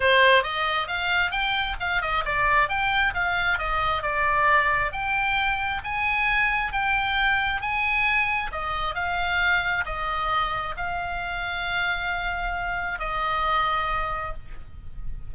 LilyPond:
\new Staff \with { instrumentName = "oboe" } { \time 4/4 \tempo 4 = 134 c''4 dis''4 f''4 g''4 | f''8 dis''8 d''4 g''4 f''4 | dis''4 d''2 g''4~ | g''4 gis''2 g''4~ |
g''4 gis''2 dis''4 | f''2 dis''2 | f''1~ | f''4 dis''2. | }